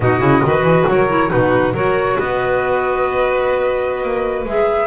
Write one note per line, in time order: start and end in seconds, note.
0.00 0.20 B2
0.00 0.19 D#4
0.00 0.45 F#4
0.00 0.86 D#5
0.19 0.42 C#3
0.19 0.41 E4
0.44 0.62 D#3
0.44 1.08 F#4
0.44 0.89 B4
0.62 0.84 E3
0.88 1.31 F#3
0.88 1.31 A#4
0.88 1.30 C#5
1.08 1.29 E4
1.29 1.73 B2
1.29 1.72 D#4
1.29 1.74 F#4
1.29 1.73 B4
1.73 2.17 F#3
1.73 4.46 F#4
1.73 2.16 A#4
1.73 2.18 C#5
2.16 4.02 B3
2.16 4.87 B4
2.16 4.46 D#5
4.02 4.44 A#3
4.44 4.87 G#3
4.44 4.87 G#4
4.44 4.87 E5